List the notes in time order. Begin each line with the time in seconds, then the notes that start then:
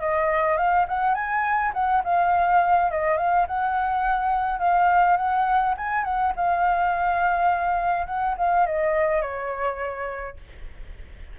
0.00 D#5
0.57 F5
0.88 F#5
1.14 G#5
1.74 F#5
2.04 F5
2.91 D#5
3.17 F5
3.47 F#5
4.59 F5
5.17 F#5
5.77 G#5
6.04 F#5
6.36 F5
8.06 F#5
8.38 F5
8.66 D#5
9.22 C#5